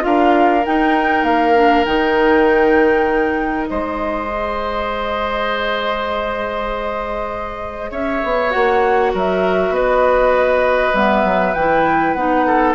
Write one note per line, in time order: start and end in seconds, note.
0.00 0.65 D4
0.00 0.61 F4
0.00 3.69 A#4
0.00 0.65 F5
0.65 1.54 D#4
0.65 1.23 D#4
0.65 1.24 G5
1.23 1.84 A#3
1.23 1.85 F5
1.54 1.85 D4
1.85 3.68 D#3
1.85 4.27 D#4
1.85 3.67 G5
3.69 7.91 G#3
3.69 7.91 C5
3.69 7.91 D#5
4.27 8.49 G#4
7.91 8.21 C#4
7.91 9.12 C#5
7.91 8.51 E5
8.24 8.54 B3
8.49 9.14 A#3
8.49 10.92 F#4
8.49 9.11 F#5
9.13 9.69 F#3
9.13 9.73 A#4
9.13 9.74 E5
9.69 10.90 B3
9.69 12.46 B4
9.69 10.95 D#5
10.93 11.23 G3
10.93 11.55 B3
10.93 11.54 E5
11.24 11.54 F#3
11.54 12.14 E3
11.54 12.17 E4
11.54 12.13 G5
12.13 12.74 B3
12.13 12.75 D#4
12.13 12.74 F#5
12.46 12.75 A4